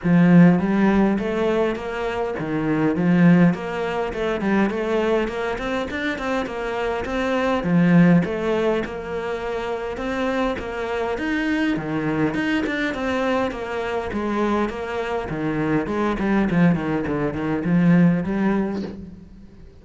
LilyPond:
\new Staff \with { instrumentName = "cello" } { \time 4/4 \tempo 4 = 102 f4 g4 a4 ais4 | dis4 f4 ais4 a8 g8 | a4 ais8 c'8 d'8 c'8 ais4 | c'4 f4 a4 ais4~ |
ais4 c'4 ais4 dis'4 | dis4 dis'8 d'8 c'4 ais4 | gis4 ais4 dis4 gis8 g8 | f8 dis8 d8 dis8 f4 g4 | }